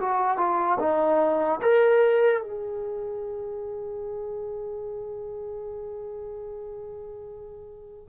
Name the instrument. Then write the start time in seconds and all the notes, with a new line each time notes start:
trombone
0.00 F#4
0.37 F4
0.79 D#4
1.61 A#4
2.41 G#4